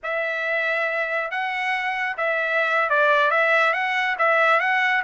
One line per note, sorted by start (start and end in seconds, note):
0.03 1.31 E5
1.31 2.16 F#5
2.17 2.89 E5
2.89 3.31 D5
3.31 3.73 E5
3.73 4.16 F#5
4.18 4.60 E5
4.60 5.03 F#5